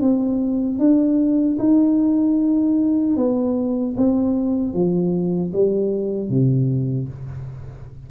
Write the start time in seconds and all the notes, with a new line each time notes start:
0.00 C4
0.79 D4
1.59 D#4
3.16 B3
3.97 C4
4.73 F3
5.53 G3
6.29 C3